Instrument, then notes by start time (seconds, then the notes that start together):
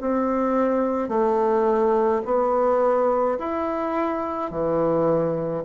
bassoon
0.00 C4
1.08 A3
2.25 B3
3.39 E4
4.50 E3